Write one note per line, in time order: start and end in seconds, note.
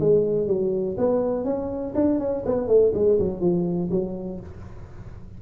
0.00 0.47 G#3
0.47 0.97 F#3
0.98 1.44 B3
1.44 1.94 C#4
1.95 2.20 D4
2.20 2.44 C#4
2.46 2.68 B3
2.68 2.92 A3
2.94 3.19 G#3
3.19 3.41 F#3
3.41 3.90 F3
3.91 4.40 F#3